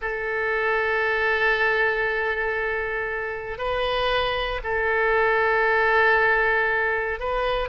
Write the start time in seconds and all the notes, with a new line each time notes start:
0.01 A4
3.58 B4
4.63 A4
7.19 B4